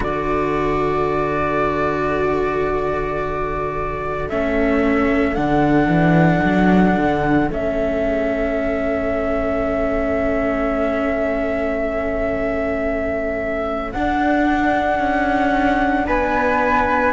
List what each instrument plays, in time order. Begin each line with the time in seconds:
0.00 cello D3 F#4, flute A4 D5
4.29 cello A3 C#4, flute E5
5.34 cello D3 D4, flute F#5
5.87 cello E3
6.44 cello F#3
6.97 cello D3
7.50 cello A3 C#4, flute E5
13.92 cello D4, flute F#5
14.98 cello C#4
16.06 cello B3, flute B4 G#5